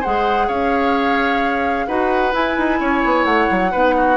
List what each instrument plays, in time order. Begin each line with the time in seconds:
0.00 bassoon G#3, clarinet G#4, oboe C5, flute F#5
0.47 bassoon C#4, oboe C#5, flute F5
1.86 bassoon D#4, clarinet F#4, oboe B4, flute F#5
2.32 clarinet E4, bassoon E4, flute G#5
2.57 bassoon D#4
2.80 bassoon C#4, oboe C#5
3.04 bassoon B3
3.24 bassoon A3, flute F#5
3.50 bassoon F#3
3.71 bassoon B3, clarinet D#4, oboe B4
3.97 oboe F#4